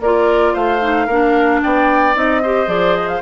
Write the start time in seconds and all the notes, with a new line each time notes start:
0.00 A#3 F4 A#4 D5
0.53 A3 C5 F5
0.80 D#4
1.06 A#3 D4 A#4
1.62 B3 D5 G5
2.14 C4 D#4 D#5
2.42 G4 C5
2.66 F3 G#4 D5
2.96 D#5
3.07 F5